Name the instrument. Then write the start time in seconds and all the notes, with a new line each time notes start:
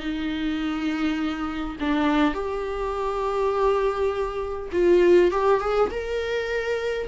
viola
0.00 D#4
1.80 D4
2.34 G4
4.72 F4
5.32 G4
5.60 G#4
5.91 A#4